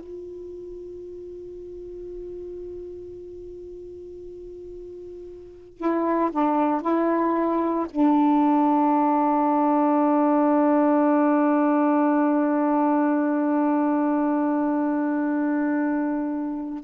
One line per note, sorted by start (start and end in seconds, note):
0.00 5.78 F4
5.78 6.30 E4
6.32 6.81 D4
6.81 7.87 E4
7.90 16.84 D4